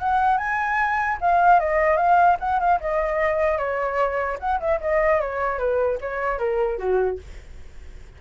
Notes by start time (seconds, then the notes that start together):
0.00 F#5
0.38 G#5
1.21 F5
1.60 D#5
1.97 F5
2.40 F#5
2.60 F5
2.81 D#5
3.58 C#5
4.40 F#5
4.61 E5
4.81 D#5
5.21 C#5
5.59 B4
6.01 C#5
6.39 A#4
6.79 F#4